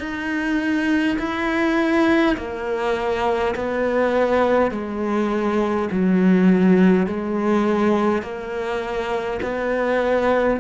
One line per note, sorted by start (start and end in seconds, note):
0.00 1.18 D#4
1.19 2.37 E4
2.37 3.55 A#3
3.56 4.72 B3
4.72 5.89 G#3
5.92 7.07 F#3
7.07 8.22 G#3
8.22 9.40 A#3
9.43 10.60 B3